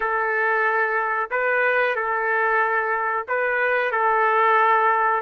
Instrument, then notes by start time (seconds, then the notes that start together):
trumpet
0.00 A4
1.30 B4
1.95 A4
3.28 B4
3.91 A4